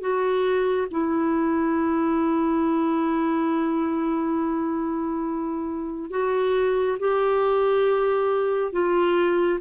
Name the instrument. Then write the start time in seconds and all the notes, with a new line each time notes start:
clarinet
0.00 F#4
0.90 E4
6.10 F#4
6.99 G4
8.72 F4